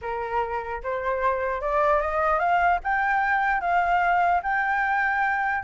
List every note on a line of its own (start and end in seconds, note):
0.01 0.82 A#4
0.83 1.61 C5
1.61 2.01 D5
2.01 2.39 D#5
2.39 2.79 F5
2.83 3.60 G5
3.60 4.41 F5
4.42 5.63 G5